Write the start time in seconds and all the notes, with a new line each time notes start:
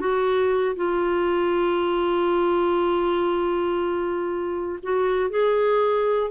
0.00 F#4
0.76 F4
4.83 F#4
5.30 G#4